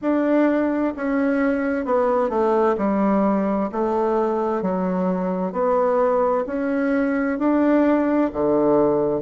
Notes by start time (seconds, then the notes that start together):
0.01 D4
0.96 C#4
1.85 B3
2.29 A3
2.77 G3
3.72 A3
4.62 F#3
5.52 B3
6.46 C#4
7.38 D4
8.32 D3